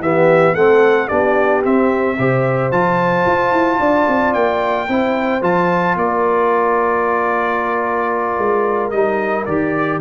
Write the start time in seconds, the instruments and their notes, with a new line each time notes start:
0.00 tuba E3, trombone B3, horn G4, trumpet E5
0.54 tuba A3, trombone C4, horn A4, trumpet F#5
1.08 tuba B3, trombone D4, horn G4, trumpet D5
1.63 trombone C4, tuba C4, trumpet E5
2.18 tuba C3, trombone G4, horn C5
2.72 tuba F3, trombone F4, trumpet A5
3.26 tuba F4
3.52 tuba E4
3.79 tuba D4, horn D5
4.08 tuba C4
4.34 tuba A#3, trumpet G5
4.89 tuba C4, trombone E4, horn C5
5.42 tuba F3, trombone F4, trumpet A5
5.96 tuba A#3, horn A#4, trumpet D5
8.38 tuba G#3
8.91 tuba G3, trombone D#4, trumpet D#5
9.46 tuba D#3, trombone G4, trumpet D5